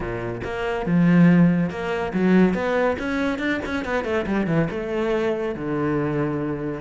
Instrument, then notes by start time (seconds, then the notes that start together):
cello
0.00 A#2
0.44 A#3
0.85 F3
1.70 A#3
2.13 F#3
2.53 B3
2.98 C#4
3.38 D4
3.65 C#4
3.85 B3
4.04 A3
4.26 G3
4.47 E3
4.70 A3
5.55 D3